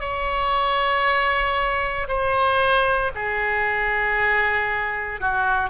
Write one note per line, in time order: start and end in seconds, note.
0.00 2.07 C#5
2.07 3.11 C5
3.15 5.20 G#4
5.20 5.69 F#4